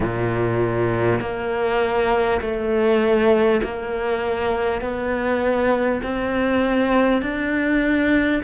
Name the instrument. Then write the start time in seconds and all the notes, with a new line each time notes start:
cello
0.00 A#2
1.21 A#3
2.41 A3
3.63 A#3
4.81 B3
6.02 C4
7.22 D4